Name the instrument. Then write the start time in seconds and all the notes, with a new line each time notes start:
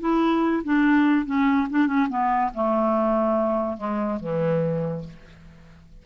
clarinet
0.00 E4
0.64 D4
1.26 C#4
1.70 D4
1.87 C#4
2.09 B3
2.54 A3
3.77 G#3
4.20 E3